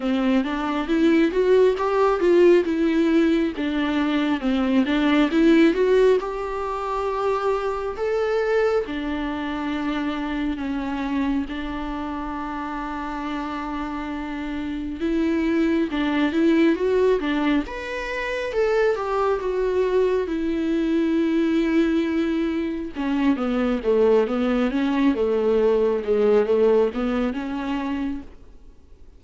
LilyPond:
\new Staff \with { instrumentName = "viola" } { \time 4/4 \tempo 4 = 68 c'8 d'8 e'8 fis'8 g'8 f'8 e'4 | d'4 c'8 d'8 e'8 fis'8 g'4~ | g'4 a'4 d'2 | cis'4 d'2.~ |
d'4 e'4 d'8 e'8 fis'8 d'8 | b'4 a'8 g'8 fis'4 e'4~ | e'2 cis'8 b8 a8 b8 | cis'8 a4 gis8 a8 b8 cis'4 | }